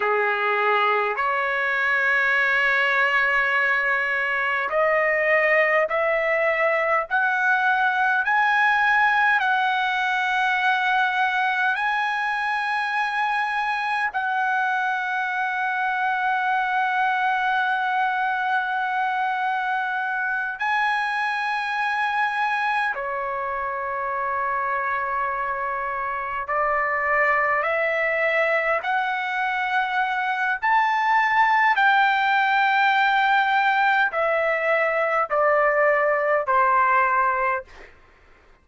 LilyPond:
\new Staff \with { instrumentName = "trumpet" } { \time 4/4 \tempo 4 = 51 gis'4 cis''2. | dis''4 e''4 fis''4 gis''4 | fis''2 gis''2 | fis''1~ |
fis''4. gis''2 cis''8~ | cis''2~ cis''8 d''4 e''8~ | e''8 fis''4. a''4 g''4~ | g''4 e''4 d''4 c''4 | }